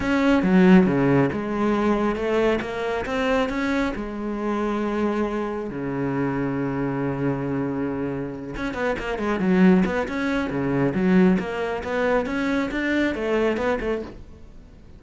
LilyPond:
\new Staff \with { instrumentName = "cello" } { \time 4/4 \tempo 4 = 137 cis'4 fis4 cis4 gis4~ | gis4 a4 ais4 c'4 | cis'4 gis2.~ | gis4 cis2.~ |
cis2.~ cis8 cis'8 | b8 ais8 gis8 fis4 b8 cis'4 | cis4 fis4 ais4 b4 | cis'4 d'4 a4 b8 a8 | }